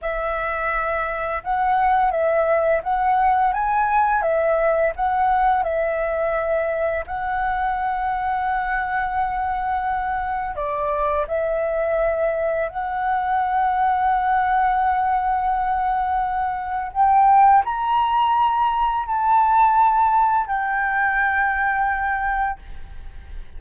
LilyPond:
\new Staff \with { instrumentName = "flute" } { \time 4/4 \tempo 4 = 85 e''2 fis''4 e''4 | fis''4 gis''4 e''4 fis''4 | e''2 fis''2~ | fis''2. d''4 |
e''2 fis''2~ | fis''1 | g''4 ais''2 a''4~ | a''4 g''2. | }